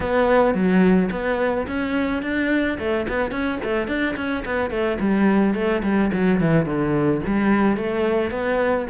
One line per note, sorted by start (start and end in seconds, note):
0.00 0.54 B3
0.54 1.09 F#3
1.11 1.66 B3
1.67 2.22 C#4
2.22 2.78 D4
2.79 3.06 A3
3.08 3.31 B3
3.31 3.58 C#4
3.63 3.87 A3
3.87 4.15 D4
4.16 4.44 C#4
4.45 4.70 B3
4.70 4.98 A3
5.00 5.54 G3
5.54 5.82 A3
5.83 6.11 G3
6.12 6.40 F#3
6.40 6.65 E3
6.65 7.21 D3
7.26 7.77 G3
7.77 8.31 A3
8.31 8.86 B3